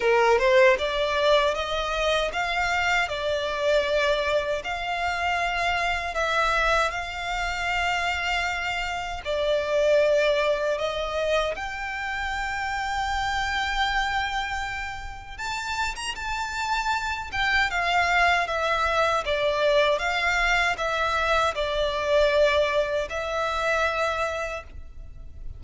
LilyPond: \new Staff \with { instrumentName = "violin" } { \time 4/4 \tempo 4 = 78 ais'8 c''8 d''4 dis''4 f''4 | d''2 f''2 | e''4 f''2. | d''2 dis''4 g''4~ |
g''1 | a''8. ais''16 a''4. g''8 f''4 | e''4 d''4 f''4 e''4 | d''2 e''2 | }